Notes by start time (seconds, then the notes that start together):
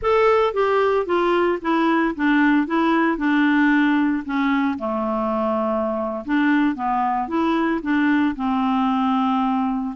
0.02 A4
0.53 G4
1.05 F4
1.61 E4
2.15 D4
2.66 E4
3.17 D4
4.25 C#4
4.78 A3
6.25 D4
6.75 B3
7.27 E4
7.82 D4
8.35 C4